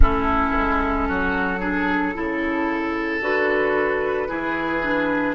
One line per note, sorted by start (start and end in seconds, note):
0.00 0.51 A3
0.00 1.59 C#4
0.00 1.08 E4
0.00 3.22 A4
0.56 1.09 G#3
1.08 2.16 F#3
1.08 1.60 F#4
1.60 2.14 D4
1.60 2.13 G#4
2.14 3.21 C#3
2.14 3.21 E4
2.14 4.28 A4
3.21 4.28 D3
3.21 4.27 F#4
3.21 5.35 B4
4.27 5.35 E3
4.27 4.81 E4
4.27 5.35 G#4
4.83 5.35 D4